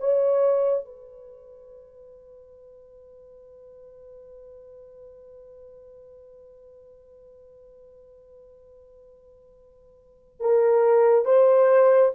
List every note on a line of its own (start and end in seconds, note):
0.00 0.85 C#5
0.85 10.41 B4
10.41 11.25 A#4
11.25 12.12 C5